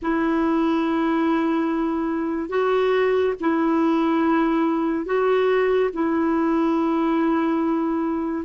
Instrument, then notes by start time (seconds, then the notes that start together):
clarinet
0.02 E4
2.49 F#4
3.40 E4
5.05 F#4
5.93 E4